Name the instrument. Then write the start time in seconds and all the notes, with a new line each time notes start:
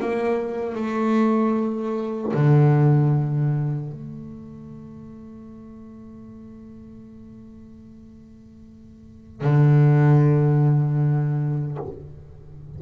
double bass
0.00 A#3
0.75 A3
2.33 D3
3.92 A3
9.41 D3